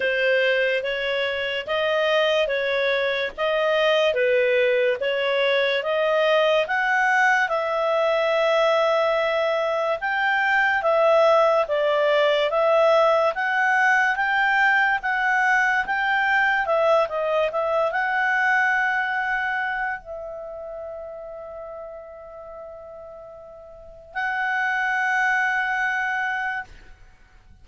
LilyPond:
\new Staff \with { instrumentName = "clarinet" } { \time 4/4 \tempo 4 = 72 c''4 cis''4 dis''4 cis''4 | dis''4 b'4 cis''4 dis''4 | fis''4 e''2. | g''4 e''4 d''4 e''4 |
fis''4 g''4 fis''4 g''4 | e''8 dis''8 e''8 fis''2~ fis''8 | e''1~ | e''4 fis''2. | }